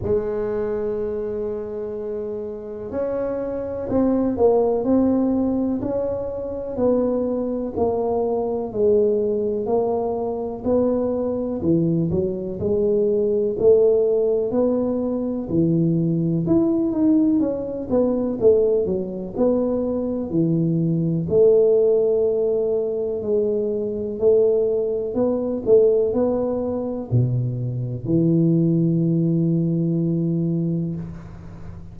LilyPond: \new Staff \with { instrumentName = "tuba" } { \time 4/4 \tempo 4 = 62 gis2. cis'4 | c'8 ais8 c'4 cis'4 b4 | ais4 gis4 ais4 b4 | e8 fis8 gis4 a4 b4 |
e4 e'8 dis'8 cis'8 b8 a8 fis8 | b4 e4 a2 | gis4 a4 b8 a8 b4 | b,4 e2. | }